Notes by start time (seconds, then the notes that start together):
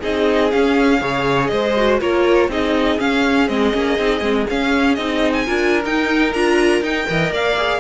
0.00 C4 D#4 G#4 D#5
0.51 C#4 F5
1.00 C#3 G#4 C#5
1.46 G#3 C5 D#5
1.77 F#4
2.00 A#3 F4 A#4 C#5
2.48 C4 D#4 G#4 D#5
2.98 C#4 F5
3.48 G#3 C4 D#5
3.72 A#3 C#4
3.99 C4 D#4
4.20 G#3 C4
4.50 C#4 F5
4.95 C4 D#4 D#5
5.33 G#5
5.46 D4 F4 A#4
5.85 D#4 G5
6.33 D4 F4 A#5
6.81 D#4 G5
7.07 E3 A#4 D#5
7.30 A#3 D5 F5
7.57 G#4